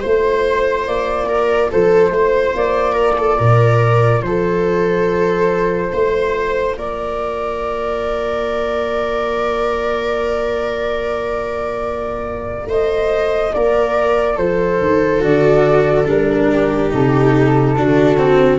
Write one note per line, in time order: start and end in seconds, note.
0.00 0.87 A3
0.00 15.20 F4
0.00 1.27 C5
0.00 0.86 C5
0.87 1.71 A#3
0.87 1.71 D5
1.29 1.71 A#4
1.71 2.10 F3
1.71 2.13 A4
1.71 2.57 C5
2.10 2.53 A3
2.10 2.93 C5
2.54 3.39 A#3
2.54 4.23 D5
2.93 3.14 A#4
3.18 3.38 A4
3.38 4.22 A#2
3.38 4.23 A#4
4.22 5.91 F3
4.22 5.93 A4
4.22 6.76 C5
5.93 6.77 A3
5.93 6.77 C5
6.77 12.67 A#3
6.77 12.69 A#4
6.77 12.69 D5
12.67 13.52 A3
12.67 13.54 C5
12.67 13.54 D#5
13.54 14.38 A#3
13.54 14.36 A#4
13.54 14.38 D5
14.36 14.80 F3
14.36 16.47 A4
14.36 15.22 C5
14.81 15.22 D#3
15.20 16.06 D3
15.20 16.05 F#4
15.20 16.08 D5
16.06 16.90 G3
16.06 16.90 D4
16.06 16.93 A#4
16.53 17.78 G4
16.90 17.78 C3
16.90 17.74 D#4
16.90 18.60 A4
17.77 18.60 D3
17.77 18.18 D4
17.77 18.60 F#4
18.18 18.60 C4